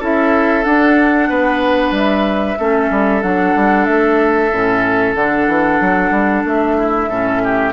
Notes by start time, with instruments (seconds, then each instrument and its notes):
0.00 bassoon C#4, clarinet E4, oboe A4, flute E5
0.64 clarinet D4, bassoon D4, flute F#5
1.29 bassoon B3, oboe B4
1.91 bassoon G3, flute E5
2.58 bassoon A3, clarinet C#4, oboe A4
2.91 bassoon G3
3.22 bassoon F#3, clarinet D4, flute F#5
3.55 bassoon G3
3.85 bassoon A3, flute E5
4.52 bassoon A2, clarinet C#4
5.15 bassoon D3, clarinet D4, flute F#5
5.47 bassoon E3
5.81 bassoon F#3
6.10 bassoon G3
6.45 bassoon A3, flute E5
6.77 oboe E4
7.08 bassoon A2, clarinet C#4, oboe A4
7.44 oboe G4